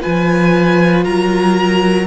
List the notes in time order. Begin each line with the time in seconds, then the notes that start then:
0.00 F3 F4 B4 G#5
1.04 F#3 A#4 A#5